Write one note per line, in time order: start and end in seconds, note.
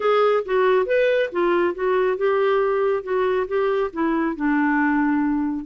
0.00 0.43 G#4
0.45 0.86 F#4
0.86 1.29 B4
1.31 1.74 F4
1.74 2.17 F#4
2.17 3.03 G4
3.03 3.46 F#4
3.47 3.91 G4
3.92 4.35 E4
4.35 5.65 D4